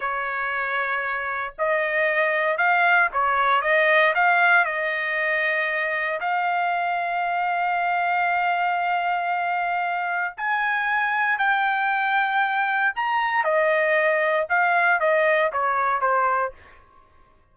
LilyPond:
\new Staff \with { instrumentName = "trumpet" } { \time 4/4 \tempo 4 = 116 cis''2. dis''4~ | dis''4 f''4 cis''4 dis''4 | f''4 dis''2. | f''1~ |
f''1 | gis''2 g''2~ | g''4 ais''4 dis''2 | f''4 dis''4 cis''4 c''4 | }